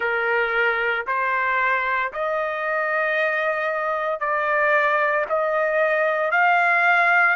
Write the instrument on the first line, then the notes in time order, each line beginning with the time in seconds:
trumpet
0.00 A#4
1.07 C5
2.12 D#5
4.20 D5
5.29 D#5
6.31 F5